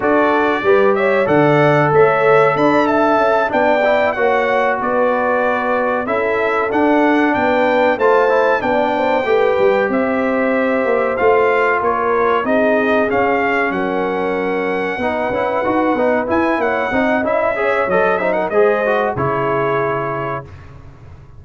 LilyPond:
<<
  \new Staff \with { instrumentName = "trumpet" } { \time 4/4 \tempo 4 = 94 d''4. e''8 fis''4 e''4 | b''8 a''4 g''4 fis''4 d''8~ | d''4. e''4 fis''4 g''8~ | g''8 a''4 g''2 e''8~ |
e''4. f''4 cis''4 dis''8~ | dis''8 f''4 fis''2~ fis''8~ | fis''4. gis''8 fis''4 e''4 | dis''8 e''16 fis''16 dis''4 cis''2 | }
  \new Staff \with { instrumentName = "horn" } { \time 4/4 a'4 b'8 cis''8 d''4 cis''4 | d''8 e''4 d''4 cis''4 b'8~ | b'4. a'2 b'8~ | b'8 c''4 d''8 c''8 b'4 c''8~ |
c''2~ c''8 ais'4 gis'8~ | gis'4. ais'2 b'8~ | b'2 cis''8 dis''4 cis''8~ | cis''8 c''16 ais'16 c''4 gis'2 | }
  \new Staff \with { instrumentName = "trombone" } { \time 4/4 fis'4 g'4 a'2~ | a'4. d'8 e'8 fis'4.~ | fis'4. e'4 d'4.~ | d'8 f'8 e'8 d'4 g'4.~ |
g'4. f'2 dis'8~ | dis'8 cis'2. dis'8 | e'8 fis'8 dis'8 e'4 dis'8 e'8 gis'8 | a'8 dis'8 gis'8 fis'8 e'2 | }
  \new Staff \with { instrumentName = "tuba" } { \time 4/4 d'4 g4 d4 a4 | d'4 cis'8 b4 ais4 b8~ | b4. cis'4 d'4 b8~ | b8 a4 b4 a8 g8 c'8~ |
c'4 ais8 a4 ais4 c'8~ | c'8 cis'4 fis2 b8 | cis'8 dis'8 b8 e'8 ais8 c'8 cis'4 | fis4 gis4 cis2 | }
>>